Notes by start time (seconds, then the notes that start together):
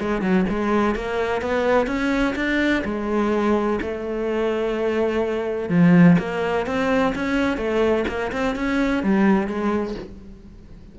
0.00 G#3
0.22 F#3
0.49 G#3
0.95 A#3
1.42 B3
1.87 C#4
2.36 D4
2.85 G#3
3.82 A3
5.69 F3
6.19 A#3
6.66 C4
7.15 C#4
7.57 A3
8.08 A#3
8.32 C4
8.56 C#4
9.03 G3
9.47 G#3